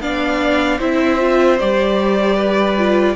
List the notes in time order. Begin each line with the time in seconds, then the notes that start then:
0.00 B3 D4 D5 F5
0.78 C4 E4 C5 E5
1.18 F4
1.59 G3 G4 D5
2.36 B4
2.77 F4